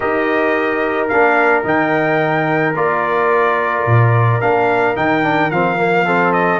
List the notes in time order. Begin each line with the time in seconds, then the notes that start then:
0.00 D#4 G4 A#4 D#5
1.08 A#3 D4 F5
1.63 D#3 D#4 G5
2.74 A#3 F4 D5
3.86 A#2
4.41 A#3 D4 F5
4.95 D#3 D#4 G5
5.23 D4
5.50 F3 C4 F5
5.77 A#3
6.05 C4 A4
6.32 D#5